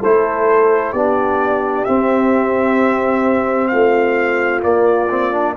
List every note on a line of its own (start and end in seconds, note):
0.00 0.93 A3
0.00 0.96 E4
0.00 0.92 A4
0.00 0.92 C5
0.92 1.86 B3
0.92 1.87 D4
0.92 3.69 G4
0.92 1.84 D5
1.84 4.62 C4
1.84 3.72 C4
1.84 3.68 E5
3.68 4.64 A3
3.68 5.56 F4
3.68 4.60 F5
4.62 5.08 A#3
4.62 5.56 A#3
4.62 5.55 D5
5.10 5.32 C4
5.32 5.55 D4